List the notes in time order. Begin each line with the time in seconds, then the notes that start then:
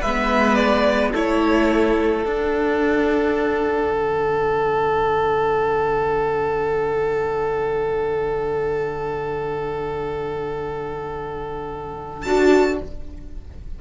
0.00 G#3 B4 E5
0.07 B3
0.55 D5
1.12 A3 E4 A4 C#5
2.24 D4 F#5
3.91 D3
12.22 D4 F#4 A5